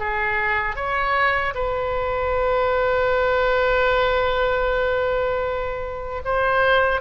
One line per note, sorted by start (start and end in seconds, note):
0.00 0.76 G#4
0.76 1.54 C#5
1.55 6.23 B4
6.25 7.02 C5